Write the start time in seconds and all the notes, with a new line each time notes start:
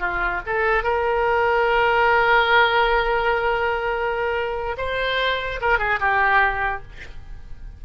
0.00 F4
0.47 A4
0.84 A#4
4.78 C5
5.61 A#4
5.79 G#4
6.00 G4